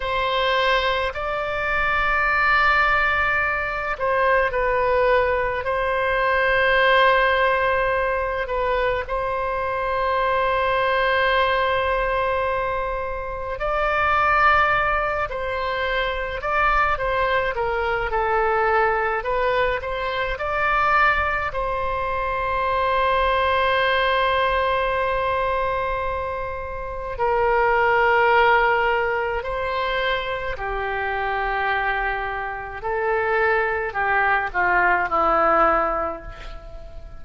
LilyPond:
\new Staff \with { instrumentName = "oboe" } { \time 4/4 \tempo 4 = 53 c''4 d''2~ d''8 c''8 | b'4 c''2~ c''8 b'8 | c''1 | d''4. c''4 d''8 c''8 ais'8 |
a'4 b'8 c''8 d''4 c''4~ | c''1 | ais'2 c''4 g'4~ | g'4 a'4 g'8 f'8 e'4 | }